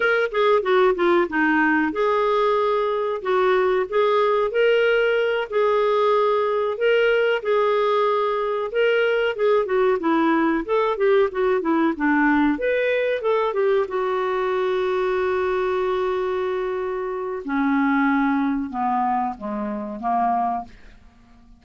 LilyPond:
\new Staff \with { instrumentName = "clarinet" } { \time 4/4 \tempo 4 = 93 ais'8 gis'8 fis'8 f'8 dis'4 gis'4~ | gis'4 fis'4 gis'4 ais'4~ | ais'8 gis'2 ais'4 gis'8~ | gis'4. ais'4 gis'8 fis'8 e'8~ |
e'8 a'8 g'8 fis'8 e'8 d'4 b'8~ | b'8 a'8 g'8 fis'2~ fis'8~ | fis'2. cis'4~ | cis'4 b4 gis4 ais4 | }